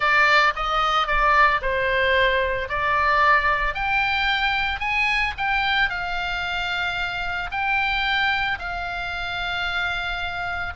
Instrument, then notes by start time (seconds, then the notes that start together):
oboe
0.00 D5
0.55 D#5
1.07 D5
1.61 C5
2.69 D5
3.74 G5
4.79 G#5
5.37 G5
5.89 F5
7.51 G5
8.59 F5